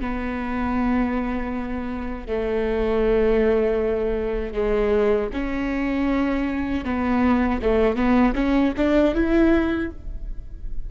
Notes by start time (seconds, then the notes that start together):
0.00 B3
2.27 A3
4.53 G#3
5.33 C#4
6.84 B3
7.62 A3
7.95 B3
8.35 C#4
8.77 D4
9.14 E4